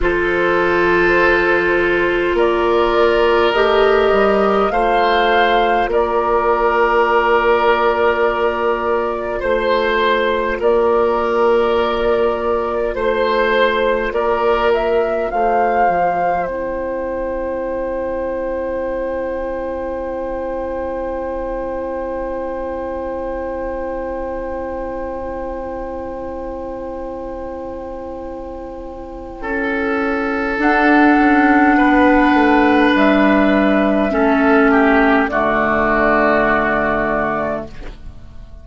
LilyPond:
<<
  \new Staff \with { instrumentName = "flute" } { \time 4/4 \tempo 4 = 51 c''2 d''4 dis''4 | f''4 d''2. | c''4 d''2 c''4 | d''8 e''8 f''4 g''2~ |
g''1~ | g''1~ | g''2 fis''2 | e''2 d''2 | }
  \new Staff \with { instrumentName = "oboe" } { \time 4/4 a'2 ais'2 | c''4 ais'2. | c''4 ais'2 c''4 | ais'4 c''2.~ |
c''1~ | c''1~ | c''4 a'2 b'4~ | b'4 a'8 g'8 fis'2 | }
  \new Staff \with { instrumentName = "clarinet" } { \time 4/4 f'2. g'4 | f'1~ | f'1~ | f'2 e'2~ |
e'1~ | e'1~ | e'2 d'2~ | d'4 cis'4 a2 | }
  \new Staff \with { instrumentName = "bassoon" } { \time 4/4 f2 ais4 a8 g8 | a4 ais2. | a4 ais2 a4 | ais4 a8 f8 c'2~ |
c'1~ | c'1~ | c'4 cis'4 d'8 cis'8 b8 a8 | g4 a4 d2 | }
>>